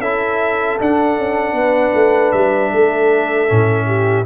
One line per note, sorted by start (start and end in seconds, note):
0.00 0.77 C#4
0.00 0.80 E4
0.00 1.54 A4
0.00 0.78 E5
0.80 1.18 D4
0.80 3.48 D4
0.80 2.32 F#5
1.18 1.53 C#4
1.53 1.91 B3
1.53 2.73 B4
1.94 2.33 A3
2.32 2.72 G3
2.32 4.24 E5
2.73 3.50 A3
2.73 3.87 A4
3.48 4.26 A2
3.48 4.25 C#4
3.87 4.25 G4